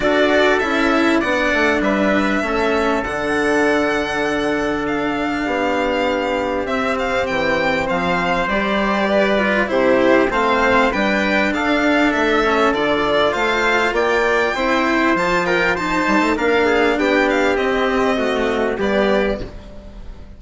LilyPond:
<<
  \new Staff \with { instrumentName = "violin" } { \time 4/4 \tempo 4 = 99 d''4 e''4 fis''4 e''4~ | e''4 fis''2. | f''2. e''8 f''8 | g''4 f''4 d''2 |
c''4 f''4 g''4 f''4 | e''4 d''4 f''4 g''4~ | g''4 a''8 g''8 a''4 f''4 | g''8 f''8 dis''2 d''4 | }
  \new Staff \with { instrumentName = "trumpet" } { \time 4/4 a'2 d''4 b'4 | a'1~ | a'4 g'2.~ | g'4 c''2 b'4 |
g'4 c''4 b'4 a'4~ | a'2 c''4 d''4 | c''4. ais'8 c''4 ais'8 gis'8 | g'2 fis'4 g'4 | }
  \new Staff \with { instrumentName = "cello" } { \time 4/4 fis'4 e'4 d'2 | cis'4 d'2.~ | d'2. c'4~ | c'2 g'4. f'8 |
e'4 c'4 d'2~ | d'8 cis'8 f'2. | e'4 f'4 dis'4 d'4~ | d'4 c'4 a4 b4 | }
  \new Staff \with { instrumentName = "bassoon" } { \time 4/4 d'4 cis'4 b8 a8 g4 | a4 d2.~ | d4 b2 c'4 | e4 f4 g2 |
c4 a4 g4 d'4 | a4 d4 a4 ais4 | c'4 f4. g16 a16 ais4 | b4 c'2 g4 | }
>>